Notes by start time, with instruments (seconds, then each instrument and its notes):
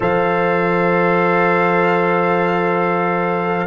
0.00 tuba F3, trombone A4, horn C5, trumpet F5